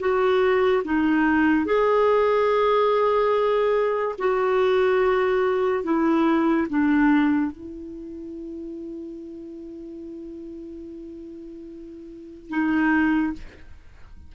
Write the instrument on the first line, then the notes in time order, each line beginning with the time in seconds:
clarinet
0.00 F#4
0.84 D#4
1.66 G#4
4.19 F#4
5.84 E4
6.69 D4
7.52 E4
12.50 D#4